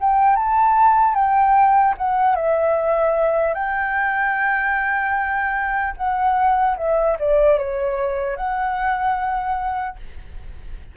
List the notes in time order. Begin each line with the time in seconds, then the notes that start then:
0.00 G5
0.36 A5
1.14 G5
1.98 F#5
2.36 E5
3.54 G5
5.97 F#5
6.77 E5
7.19 D5
7.59 C#5
8.36 F#5